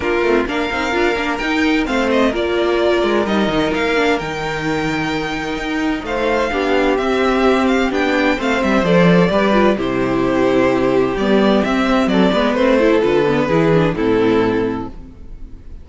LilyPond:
<<
  \new Staff \with { instrumentName = "violin" } { \time 4/4 \tempo 4 = 129 ais'4 f''2 g''4 | f''8 dis''8 d''2 dis''4 | f''4 g''2.~ | g''4 f''2 e''4~ |
e''8 f''8 g''4 f''8 e''8 d''4~ | d''4 c''2. | d''4 e''4 d''4 c''4 | b'2 a'2 | }
  \new Staff \with { instrumentName = "violin" } { \time 4/4 f'4 ais'2. | c''4 ais'2.~ | ais'1~ | ais'4 c''4 g'2~ |
g'2 c''2 | b'4 g'2.~ | g'2 a'8 b'4 a'8~ | a'4 gis'4 e'2 | }
  \new Staff \with { instrumentName = "viola" } { \time 4/4 d'8 c'8 d'8 dis'8 f'8 d'8 dis'4 | c'4 f'2 dis'4~ | dis'8 d'8 dis'2.~ | dis'2 d'4 c'4~ |
c'4 d'4 c'4 a'4 | g'8 f'8 e'2. | b4 c'4. b8 c'8 e'8 | f'8 b8 e'8 d'8 c'2 | }
  \new Staff \with { instrumentName = "cello" } { \time 4/4 ais8 a8 ais8 c'8 d'8 ais8 dis'4 | a4 ais4. gis8 g8 dis8 | ais4 dis2. | dis'4 a4 b4 c'4~ |
c'4 b4 a8 g8 f4 | g4 c2. | g4 c'4 fis8 gis8 a4 | d4 e4 a,2 | }
>>